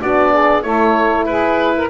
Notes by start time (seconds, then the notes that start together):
0.00 B3 D4 F#4 D5
0.32 G#4
0.62 A3 E4 A4 C#5
1.25 E4 G#4 B4
1.76 A#4